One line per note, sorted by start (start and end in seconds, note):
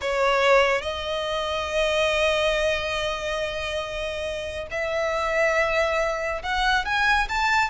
0.01 0.81 C#5
0.81 4.67 D#5
4.70 6.42 E5
6.42 6.85 F#5
6.85 7.28 G#5
7.29 7.70 A5